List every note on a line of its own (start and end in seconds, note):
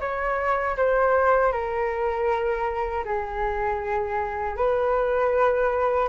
0.00 0.76 C#5
0.76 1.52 C5
1.52 3.04 A#4
3.04 4.56 G#4
4.56 6.08 B4